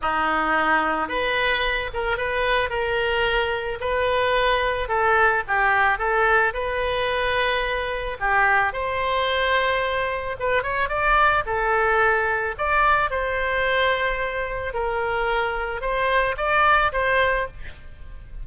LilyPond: \new Staff \with { instrumentName = "oboe" } { \time 4/4 \tempo 4 = 110 dis'2 b'4. ais'8 | b'4 ais'2 b'4~ | b'4 a'4 g'4 a'4 | b'2. g'4 |
c''2. b'8 cis''8 | d''4 a'2 d''4 | c''2. ais'4~ | ais'4 c''4 d''4 c''4 | }